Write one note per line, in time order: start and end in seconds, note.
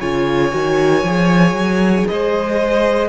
0.00 0.52 C#3
0.00 0.52 F4
0.00 2.07 C#5
0.00 2.08 G#5
0.52 1.03 D#3
0.52 1.03 F#4
1.03 1.53 F3
1.03 3.09 G#4
1.53 2.05 F#3
2.08 3.09 G#3
2.08 3.09 C5
2.08 3.09 D#5